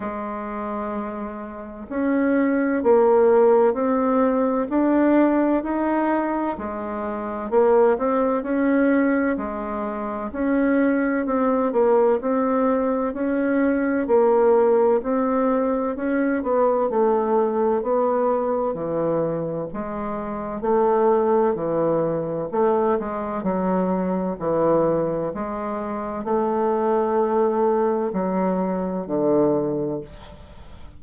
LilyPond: \new Staff \with { instrumentName = "bassoon" } { \time 4/4 \tempo 4 = 64 gis2 cis'4 ais4 | c'4 d'4 dis'4 gis4 | ais8 c'8 cis'4 gis4 cis'4 | c'8 ais8 c'4 cis'4 ais4 |
c'4 cis'8 b8 a4 b4 | e4 gis4 a4 e4 | a8 gis8 fis4 e4 gis4 | a2 fis4 d4 | }